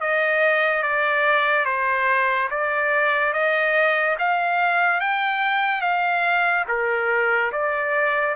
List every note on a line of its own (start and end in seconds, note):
0.00 0.82 D#5
0.82 1.65 D5
1.65 2.48 C5
2.50 3.33 D5
3.33 4.16 D#5
4.18 5.00 F5
5.00 5.81 G5
5.81 6.64 F5
6.68 7.51 A#4
7.52 8.35 D5